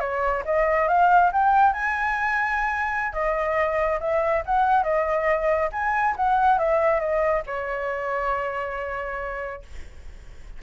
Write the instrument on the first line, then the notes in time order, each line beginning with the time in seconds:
flute
0.00 C#5
0.45 D#5
0.88 F5
1.32 G5
1.73 G#5
3.13 D#5
4.00 E5
4.46 F#5
4.83 D#5
5.72 G#5
6.16 F#5
6.58 E5
6.99 D#5
7.46 C#5